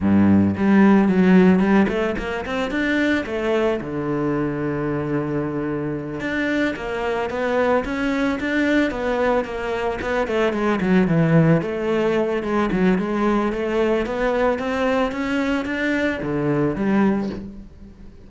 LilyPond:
\new Staff \with { instrumentName = "cello" } { \time 4/4 \tempo 4 = 111 g,4 g4 fis4 g8 a8 | ais8 c'8 d'4 a4 d4~ | d2.~ d8 d'8~ | d'8 ais4 b4 cis'4 d'8~ |
d'8 b4 ais4 b8 a8 gis8 | fis8 e4 a4. gis8 fis8 | gis4 a4 b4 c'4 | cis'4 d'4 d4 g4 | }